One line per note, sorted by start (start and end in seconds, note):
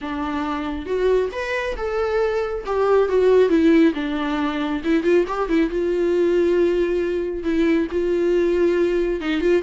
0.01 0.85 D4
0.85 1.29 F#4
1.31 1.75 B4
1.76 2.64 A4
2.66 3.08 G4
3.08 3.49 F#4
3.49 3.93 E4
3.94 4.82 D4
4.84 5.03 E4
5.03 5.25 F4
5.27 5.48 G4
5.48 5.69 E4
5.69 7.43 F4
7.43 7.87 E4
7.91 9.20 F4
9.20 9.40 D#4
9.40 9.62 F4